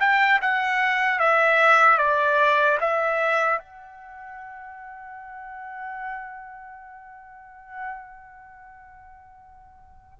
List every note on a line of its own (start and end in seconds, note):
0.00 0.40 G5
0.41 1.19 F#5
1.19 1.98 E5
1.98 2.78 D5
2.80 3.59 E5
3.59 10.19 F#5